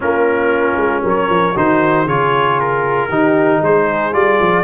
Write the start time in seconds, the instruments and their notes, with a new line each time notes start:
0.00 tuba A#3, trombone C#4, horn F4, trumpet A#4
0.76 tuba G#3
1.03 tuba F#3, horn A#4, trumpet C#5
1.29 tuba F3
1.53 tuba D#3, trombone D#4, horn F#4, trumpet C5
2.04 tuba C#3, trombone F4, horn G#4, trumpet C#5
2.60 trumpet A#4
3.09 tuba D#3, trombone D#4, horn G4
3.61 tuba G#3, horn G#4, trumpet C5
4.12 tuba G3, trombone F4, trumpet D5
4.40 tuba F3